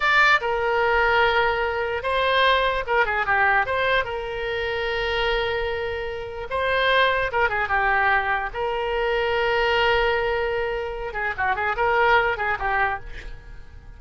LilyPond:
\new Staff \with { instrumentName = "oboe" } { \time 4/4 \tempo 4 = 148 d''4 ais'2.~ | ais'4 c''2 ais'8 gis'8 | g'4 c''4 ais'2~ | ais'1 |
c''2 ais'8 gis'8 g'4~ | g'4 ais'2.~ | ais'2.~ ais'8 gis'8 | fis'8 gis'8 ais'4. gis'8 g'4 | }